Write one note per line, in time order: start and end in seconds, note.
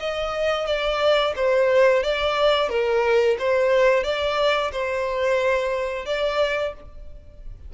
0.00 0.67 D#5
0.67 1.34 D5
1.36 2.04 C5
2.04 2.70 D5
2.70 3.37 A#4
3.39 4.04 C5
4.04 4.72 D5
4.73 6.06 C5
6.06 6.74 D5